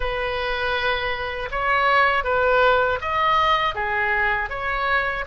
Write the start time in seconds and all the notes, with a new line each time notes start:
0.00 B4
1.51 C#5
2.24 B4
3.01 D#5
3.74 G#4
4.49 C#5